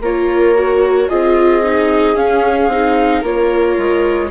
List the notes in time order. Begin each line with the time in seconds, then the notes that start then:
0.00 A#3 F4 A#4 C#5
0.55 F#4
1.08 C4 F4 G#4 D#5
1.63 D#4
2.15 C#4 F5
2.67 C4 D#4
3.20 A#3 F4 A#4 C#5
3.77 G#3